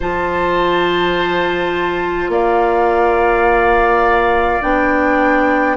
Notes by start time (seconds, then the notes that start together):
0.00 F3 F4 C5 A5
2.28 A#3 D5 F5
4.61 B3 D4 G5